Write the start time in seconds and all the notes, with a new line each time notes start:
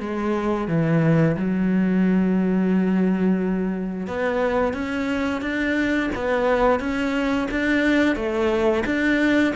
0.00 G#3
0.68 E3
1.37 F#3
4.07 B3
4.74 C#4
5.42 D4
6.15 B3
6.80 C#4
7.51 D4
8.16 A3
8.86 D4